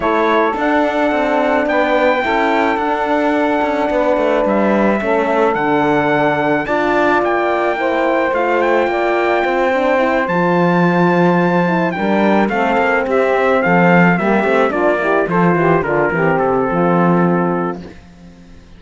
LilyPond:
<<
  \new Staff \with { instrumentName = "trumpet" } { \time 4/4 \tempo 4 = 108 cis''4 fis''2 g''4~ | g''4 fis''2. | e''2 fis''2 | a''4 g''2 f''8 g''8~ |
g''2~ g''8 a''4.~ | a''4. g''4 f''4 e''8~ | e''8 f''4 e''4 d''4 c''8~ | c''8 ais'4 a'2~ a'8 | }
  \new Staff \with { instrumentName = "saxophone" } { \time 4/4 a'2. b'4 | a'2. b'4~ | b'4 a'2. | d''2 c''2 |
d''4 c''2.~ | c''4. ais'4 a'4 g'8~ | g'8 a'4 g'4 f'8 g'8 a'8 | g'8 f'8 g'4 f'2 | }
  \new Staff \with { instrumentName = "horn" } { \time 4/4 e'4 d'2. | e'4 d'2.~ | d'4 cis'4 d'2 | f'2 e'4 f'4~ |
f'4. d'8 e'8 f'4.~ | f'4 e'8 d'4 c'4.~ | c'4. ais8 c'8 d'8 e'8 f'8~ | f'8 d'8 c'2. | }
  \new Staff \with { instrumentName = "cello" } { \time 4/4 a4 d'4 c'4 b4 | cis'4 d'4. cis'8 b8 a8 | g4 a4 d2 | d'4 ais2 a4 |
ais4 c'4. f4.~ | f4. g4 a8 ais8 c'8~ | c'8 f4 g8 a8 ais4 f8 | e8 d8 e8 c8 f2 | }
>>